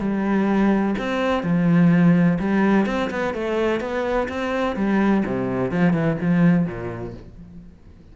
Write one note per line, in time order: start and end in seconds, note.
0.00 0.95 G3
0.99 1.44 C4
1.44 2.39 F3
2.40 2.87 G3
2.87 3.10 C4
3.11 3.35 B3
3.35 3.81 A3
3.81 4.29 B3
4.29 4.77 C4
4.77 5.24 G3
5.26 5.72 C3
5.72 5.94 F3
5.94 6.18 E3
6.21 6.67 F3
6.67 7.14 A#2